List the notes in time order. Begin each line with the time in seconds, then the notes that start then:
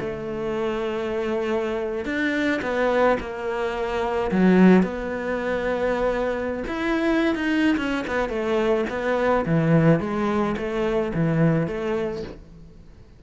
0.00 A3
2.05 D4
2.62 B3
3.20 A#3
4.31 F#3
4.83 B3
6.67 E4
7.35 D#4
7.77 C#4
8.07 B3
8.29 A3
8.90 B3
9.46 E3
10.00 G#3
10.57 A3
11.14 E3
11.67 A3